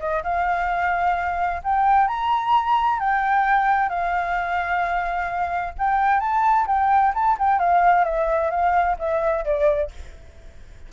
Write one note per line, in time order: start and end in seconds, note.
0.00 0.23 D#5
0.24 1.62 F5
1.64 2.08 G5
2.08 3.00 A#5
3.00 3.89 G5
3.89 5.74 F5
5.79 6.20 G5
6.20 6.67 A5
6.67 7.13 G5
7.15 7.38 A5
7.39 7.59 G5
7.59 8.05 F5
8.05 8.51 E5
8.51 8.97 F5
8.99 9.45 E5
9.45 9.91 D5